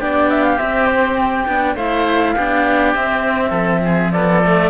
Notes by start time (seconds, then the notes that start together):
0.00 B3 D4 G4 D5
0.30 E5
0.44 F5
0.58 C4 E5
0.87 C5
1.17 G5
1.48 B3 D4
1.75 A3 E4 C5 F5
2.36 B3 D4 G4
2.95 C4 E5
3.50 F3 A4
3.85 G#4
4.13 B3 A4 D5
4.44 A3